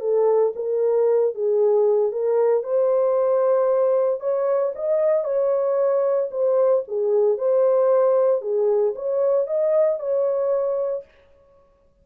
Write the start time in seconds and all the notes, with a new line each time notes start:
0.00 A4
0.55 A#4
1.34 G#4
2.11 A#4
2.63 C5
4.20 C#5
4.75 D#5
5.24 C#5
6.31 C5
6.87 G#4
7.37 C5
8.41 G#4
8.95 C#5
9.47 D#5
9.99 C#5